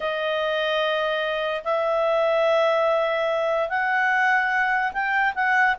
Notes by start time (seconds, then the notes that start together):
0.00 D#5
1.64 E5
3.69 F#5
4.92 G5
5.34 F#5